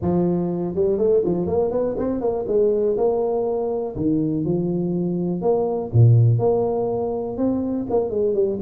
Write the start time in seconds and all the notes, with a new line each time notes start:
0.01 F3
0.75 G3
0.97 A3
1.25 F3
1.46 A#3
1.71 B3
1.97 C4
2.20 A#3
2.47 G#3
2.97 A#3
3.95 D#3
4.44 F3
5.41 A#3
5.92 A#2
6.38 A#3
7.37 C4
7.89 A#3
8.09 G#3
8.34 G3